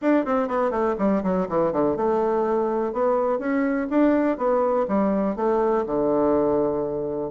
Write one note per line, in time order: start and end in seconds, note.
0.01 0.25 D4
0.25 0.48 C4
0.48 0.70 B3
0.70 0.95 A3
0.98 1.23 G3
1.23 1.47 F#3
1.48 1.72 E3
1.72 1.96 D3
1.96 2.92 A3
2.92 3.38 B3
3.38 3.87 C#4
3.89 4.37 D4
4.37 4.86 B3
4.88 5.35 G3
5.35 5.84 A3
5.86 7.31 D3